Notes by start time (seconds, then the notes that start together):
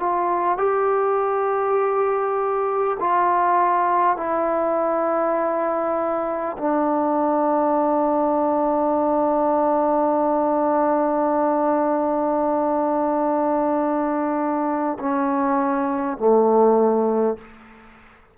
0.00 F4
0.58 G4
3.00 F4
4.17 E4
6.59 D4
14.99 C#4
16.18 A3